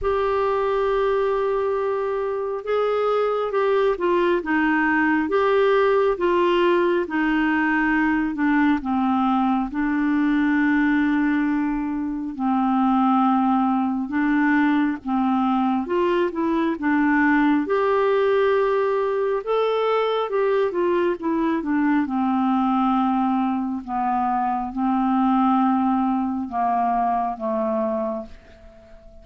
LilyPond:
\new Staff \with { instrumentName = "clarinet" } { \time 4/4 \tempo 4 = 68 g'2. gis'4 | g'8 f'8 dis'4 g'4 f'4 | dis'4. d'8 c'4 d'4~ | d'2 c'2 |
d'4 c'4 f'8 e'8 d'4 | g'2 a'4 g'8 f'8 | e'8 d'8 c'2 b4 | c'2 ais4 a4 | }